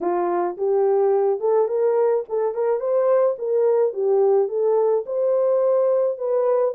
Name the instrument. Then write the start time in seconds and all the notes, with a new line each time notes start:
horn
0.00 F4
0.57 G4
1.40 A4
1.68 A#4
2.28 A4
2.54 A#4
2.80 C5
3.38 A#4
3.93 G4
4.48 A4
5.05 C5
6.18 B4